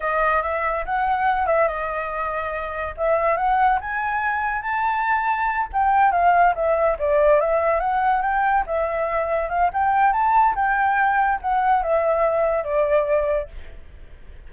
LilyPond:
\new Staff \with { instrumentName = "flute" } { \time 4/4 \tempo 4 = 142 dis''4 e''4 fis''4. e''8 | dis''2. e''4 | fis''4 gis''2 a''4~ | a''4. g''4 f''4 e''8~ |
e''8 d''4 e''4 fis''4 g''8~ | g''8 e''2 f''8 g''4 | a''4 g''2 fis''4 | e''2 d''2 | }